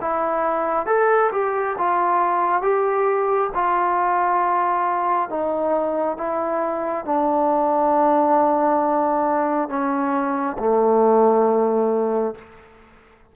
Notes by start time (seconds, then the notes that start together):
0.00 E4
0.86 A4
1.32 G4
1.78 F4
2.61 G4
3.54 F4
5.29 D#4
6.17 E4
7.05 D4
9.69 C#4
10.58 A3